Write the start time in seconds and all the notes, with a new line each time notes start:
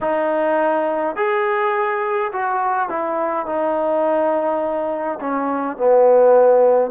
0.00 D#4
1.15 G#4
2.32 F#4
2.89 E4
3.46 D#4
5.20 C#4
5.77 B3